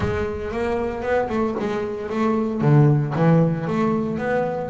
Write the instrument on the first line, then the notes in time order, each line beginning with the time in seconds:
double bass
0.00 G#3
0.51 A#3
1.02 B3
1.29 A3
1.59 G#3
2.09 A3
2.61 D3
3.15 E3
3.67 A3
4.18 B3